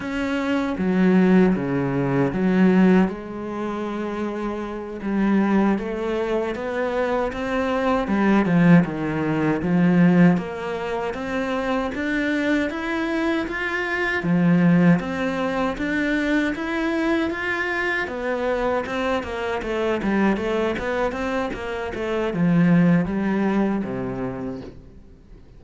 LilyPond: \new Staff \with { instrumentName = "cello" } { \time 4/4 \tempo 4 = 78 cis'4 fis4 cis4 fis4 | gis2~ gis8 g4 a8~ | a8 b4 c'4 g8 f8 dis8~ | dis8 f4 ais4 c'4 d'8~ |
d'8 e'4 f'4 f4 c'8~ | c'8 d'4 e'4 f'4 b8~ | b8 c'8 ais8 a8 g8 a8 b8 c'8 | ais8 a8 f4 g4 c4 | }